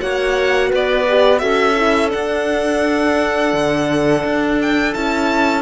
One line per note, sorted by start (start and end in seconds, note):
0.00 0.72 A#3
0.00 1.06 F#4
0.00 0.69 C#5
0.00 0.71 F#5
0.69 1.42 B3
0.69 1.40 B4
0.69 1.39 D5
1.08 1.39 G4
1.39 2.13 C#4
1.39 1.74 F#4
1.39 5.62 A4
1.39 2.09 E5
1.76 2.08 E4
2.08 4.91 D4
2.08 3.53 D4
2.08 4.59 F#5
3.53 4.24 D3
4.24 4.94 D4
4.61 4.94 G5
4.93 5.62 C#4
4.93 5.62 E4
4.93 5.62 A5